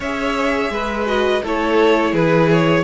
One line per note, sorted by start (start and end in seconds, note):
0.00 0.70 C#4
0.00 1.06 G#4
0.00 0.71 C#5
0.00 1.07 E5
0.70 1.41 G#3
0.70 1.42 B4
1.06 1.41 F#4
1.06 1.42 D#5
1.42 2.12 A3
1.42 2.83 E4
1.42 2.12 A4
1.42 2.14 C#5
2.12 2.83 E3
2.12 2.83 G#4
2.12 2.50 B4
2.51 2.83 C#5